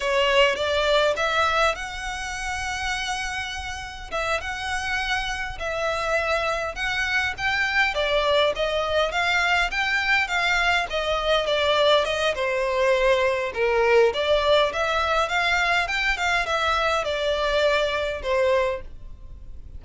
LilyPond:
\new Staff \with { instrumentName = "violin" } { \time 4/4 \tempo 4 = 102 cis''4 d''4 e''4 fis''4~ | fis''2. e''8 fis''8~ | fis''4. e''2 fis''8~ | fis''8 g''4 d''4 dis''4 f''8~ |
f''8 g''4 f''4 dis''4 d''8~ | d''8 dis''8 c''2 ais'4 | d''4 e''4 f''4 g''8 f''8 | e''4 d''2 c''4 | }